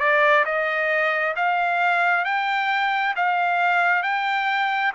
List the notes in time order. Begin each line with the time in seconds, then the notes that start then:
0.00 D5
0.46 D#5
1.36 F5
2.25 G5
3.16 F5
4.03 G5